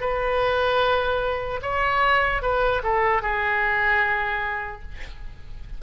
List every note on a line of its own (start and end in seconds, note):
0.00 1.60 B4
1.62 2.42 C#5
2.42 2.82 B4
2.83 3.22 A4
3.22 4.82 G#4